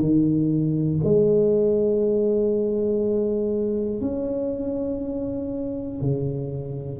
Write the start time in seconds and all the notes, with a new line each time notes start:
0.00 D#3
1.04 G#3
4.00 C#4
6.01 C#3